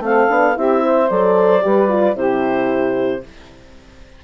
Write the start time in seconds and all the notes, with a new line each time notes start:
0.00 A3 C4 A4 F5
0.29 B3 D4
0.54 C4 E4 G4 E5
0.84 C5
1.10 F#3 A4 D5
1.62 G3 G4 B4
1.89 F4
2.15 C3 E4 G4 C5